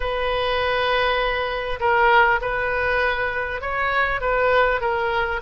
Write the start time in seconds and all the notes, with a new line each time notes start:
0.00 B4
1.79 A#4
2.41 B4
3.61 C#5
4.20 B4
4.80 A#4